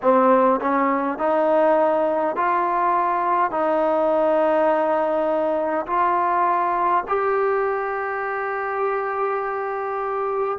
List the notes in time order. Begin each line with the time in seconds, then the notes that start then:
0.02 C4
0.60 C#4
1.18 D#4
2.35 F4
3.50 D#4
5.86 F4
7.07 G4